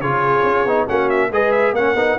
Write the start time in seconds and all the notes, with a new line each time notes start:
0.00 C#3 F4 G#4 C#5
0.44 C#4
0.65 B3 D#4
0.88 A#3 C#4 F#4 F#5
1.10 E5
1.31 G#3 G#4 B4 D#5
1.52 E5
1.72 A#3 C#4 A#4 F#5
1.95 B3 D#4